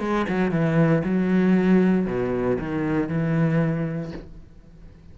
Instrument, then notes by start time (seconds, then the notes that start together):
cello
0.00 G#3
0.29 F#3
0.51 E3
1.04 F#3
2.06 B2
2.59 D#3
3.09 E3